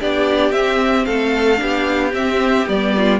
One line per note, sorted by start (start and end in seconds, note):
0.00 0.52 B3
0.00 0.54 D4
0.00 1.07 G4
0.00 0.52 D5
0.52 1.05 C4
0.52 1.57 C4
0.52 1.06 E5
1.06 1.61 A3
1.06 1.60 A4
1.06 2.13 F5
1.57 2.14 B3
1.57 2.10 D4
1.57 2.96 G4
2.14 2.67 C4
2.14 2.66 C4
2.14 2.68 E5
2.66 3.20 G3
2.66 3.20 B3
2.66 3.20 D5
2.97 3.20 F4